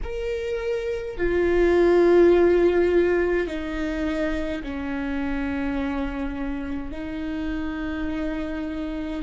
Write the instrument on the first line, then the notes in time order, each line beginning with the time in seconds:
viola
0.03 A#4
1.17 F4
3.47 D#4
4.63 C#4
6.91 D#4